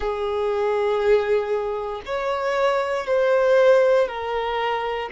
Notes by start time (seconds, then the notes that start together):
0.00 G#4
2.05 C#5
3.06 C5
4.08 A#4